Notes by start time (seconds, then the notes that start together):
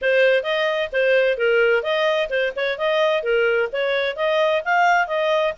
0.01 C5
0.43 D#5
0.92 C5
1.37 A#4
1.82 D#5
2.29 C5
2.56 C#5
2.78 D#5
3.22 A#4
3.72 C#5
4.16 D#5
4.64 F5
5.07 D#5